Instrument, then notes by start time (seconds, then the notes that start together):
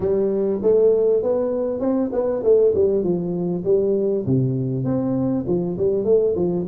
tuba
0.00 G3
0.62 A3
1.23 B3
1.79 C4
2.12 B3
2.43 A3
2.74 G3
3.03 F3
3.64 G3
4.26 C3
4.84 C4
5.47 F3
5.77 G3
6.04 A3
6.35 F3